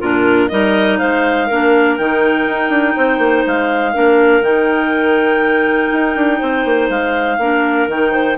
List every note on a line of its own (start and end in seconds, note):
0.00 0.51 A#2
0.00 0.51 D4
0.00 0.49 F4
0.00 0.49 A#4
0.49 1.01 G3
0.49 1.49 D#4
0.49 0.99 A#4
0.49 0.98 D#5
0.99 1.51 G#3
0.99 1.47 C5
0.99 1.97 F5
1.47 1.99 A#3
1.47 2.00 D4
1.47 2.95 A#4
1.97 2.47 D#3
1.97 3.94 D#4
1.97 3.45 G5
2.47 2.70 D#4
2.70 2.95 D4
2.96 3.19 C4
2.96 3.94 C5
3.19 3.44 A#3
3.47 3.96 G#3
3.47 4.44 F5
3.94 4.42 A#3
3.94 4.43 D4
3.94 6.39 A#4
4.42 5.89 D#3
4.42 7.39 D#4
4.42 6.90 G5
5.93 6.16 D#4
6.16 6.41 D4
6.39 6.65 C4
6.39 7.37 C5
6.65 6.90 A#3
6.90 7.39 G#3
6.90 7.88 F5
7.39 7.88 A#3
7.39 7.90 D4
7.39 8.12 A#4
7.88 8.37 D#3
7.88 8.38 D#4
7.88 8.38 G5
8.12 8.37 C5